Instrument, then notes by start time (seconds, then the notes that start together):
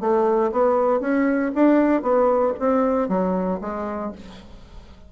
bassoon
0.00 A3
0.52 B3
1.00 C#4
1.55 D4
2.02 B3
2.59 C4
3.08 F#3
3.61 G#3